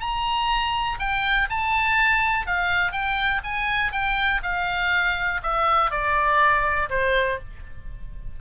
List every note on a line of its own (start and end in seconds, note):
0.00 0.98 A#5
0.99 1.48 G5
1.49 2.46 A5
2.46 2.92 F5
2.92 3.41 G5
3.43 3.92 G#5
3.92 4.41 G5
4.43 5.41 F5
5.43 5.91 E5
5.91 6.89 D5
6.89 7.39 C5